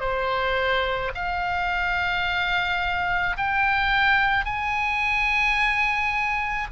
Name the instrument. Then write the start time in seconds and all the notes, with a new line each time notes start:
oboe
0.00 C5
1.14 F5
3.37 G5
4.45 G#5